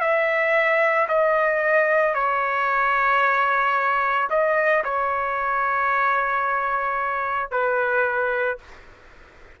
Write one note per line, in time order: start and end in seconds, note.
0.00 1.07 E5
1.08 2.14 D#5
2.14 4.29 C#5
4.30 4.84 D#5
4.84 7.51 C#5
7.51 8.58 B4